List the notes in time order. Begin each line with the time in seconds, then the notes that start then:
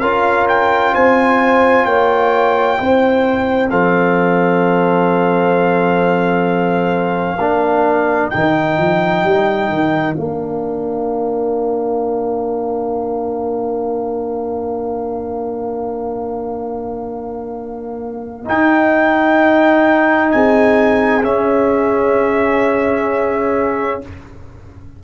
0.00 C#4 F4 A#4 F5
0.48 G5
0.94 C4 C5 G#5
1.85 A#3 C#5 G5
2.78 C4 E4 C5
3.69 F3 C4 A4 F5
7.38 A#3 D4 A#4
8.30 D#3 D#4 G5
8.77 F3
9.23 G3
9.68 D#3
10.14 A#3 D4 F5
18.45 D#4 G5
20.31 C4 G#4 G#5
21.24 C#4 E5